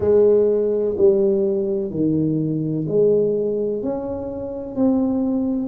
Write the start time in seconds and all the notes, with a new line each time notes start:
0.00 G#3
0.97 G3
1.90 D#3
2.87 G#3
3.82 C#4
4.75 C4